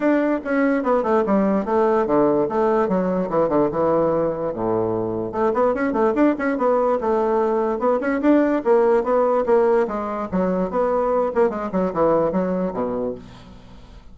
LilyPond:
\new Staff \with { instrumentName = "bassoon" } { \time 4/4 \tempo 4 = 146 d'4 cis'4 b8 a8 g4 | a4 d4 a4 fis4 | e8 d8 e2 a,4~ | a,4 a8 b8 cis'8 a8 d'8 cis'8 |
b4 a2 b8 cis'8 | d'4 ais4 b4 ais4 | gis4 fis4 b4. ais8 | gis8 fis8 e4 fis4 b,4 | }